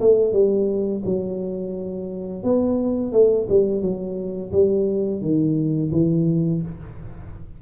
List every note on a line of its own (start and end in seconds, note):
0.00 0.32 A3
0.32 1.02 G3
1.04 2.43 F#3
2.43 3.12 B3
3.12 3.47 A3
3.49 3.81 G3
3.81 4.51 F#3
4.52 5.21 G3
5.21 5.91 D#3
5.91 6.61 E3